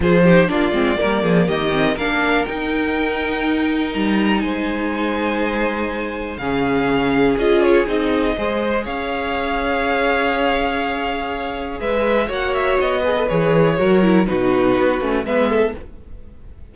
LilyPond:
<<
  \new Staff \with { instrumentName = "violin" } { \time 4/4 \tempo 4 = 122 c''4 d''2 dis''4 | f''4 g''2. | ais''4 gis''2.~ | gis''4 f''2 dis''8 cis''8 |
dis''2 f''2~ | f''1 | e''4 fis''8 e''8 dis''4 cis''4~ | cis''4 b'2 e''4 | }
  \new Staff \with { instrumentName = "violin" } { \time 4/4 gis'8 g'8 f'4 ais'8 gis'8 g'4 | ais'1~ | ais'4 c''2.~ | c''4 gis'2.~ |
gis'4 c''4 cis''2~ | cis''1 | b'4 cis''4. b'4. | ais'4 fis'2 b'8 a'8 | }
  \new Staff \with { instrumentName = "viola" } { \time 4/4 f'8 dis'8 d'8 c'8 ais4. c'8 | d'4 dis'2.~ | dis'1~ | dis'4 cis'2 f'4 |
dis'4 gis'2.~ | gis'1~ | gis'4 fis'4. gis'16 a'16 gis'4 | fis'8 e'8 dis'4. cis'8 b4 | }
  \new Staff \with { instrumentName = "cello" } { \time 4/4 f4 ais8 gis8 g8 f8 dis4 | ais4 dis'2. | g4 gis2.~ | gis4 cis2 cis'4 |
c'4 gis4 cis'2~ | cis'1 | gis4 ais4 b4 e4 | fis4 b,4 b8 a8 gis4 | }
>>